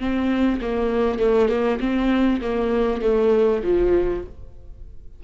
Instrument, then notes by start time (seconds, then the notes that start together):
viola
0.00 C4
0.62 A#3
1.20 A3
1.49 A#3
1.80 C4
2.42 A#3
3.02 A3
3.64 F3